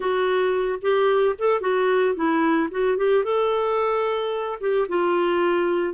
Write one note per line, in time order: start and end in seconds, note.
0.00 0.79 F#4
0.81 1.35 G4
1.38 1.61 A4
1.61 2.15 F#4
2.15 2.69 E4
2.71 2.97 F#4
2.97 3.24 G4
3.24 4.59 A4
4.60 4.87 G4
4.88 5.94 F4